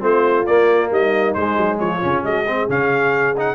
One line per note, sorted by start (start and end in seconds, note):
0.00 0.47 A3
0.00 0.44 C4
0.00 0.90 F4
0.00 0.46 C5
0.46 0.91 A#3
0.46 1.37 A#3
0.46 0.91 D5
0.91 1.36 G3
0.91 1.79 D#4
0.91 1.34 D#5
1.34 1.57 G#3
1.34 2.01 G#3
1.34 1.78 C5
1.57 1.79 F#3
1.79 2.03 F3
1.79 2.24 F4
1.79 2.24 C#5
2.01 2.23 C#3
2.01 2.45 C#4
2.23 2.68 G#3
2.23 2.46 F#4
2.23 2.70 D#5
2.46 2.69 C4
2.46 3.55 G#4
2.69 3.55 C#3
2.69 3.36 C#4
2.69 3.37 F5
3.37 3.55 D#4
3.37 3.55 F#5